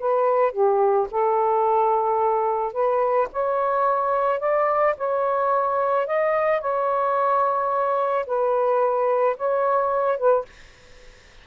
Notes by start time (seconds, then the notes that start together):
0.00 B4
0.53 G4
1.11 A4
2.73 B4
3.33 C#5
4.40 D5
4.97 C#5
6.07 D#5
6.61 C#5
8.27 B4
9.37 C#5
10.18 B4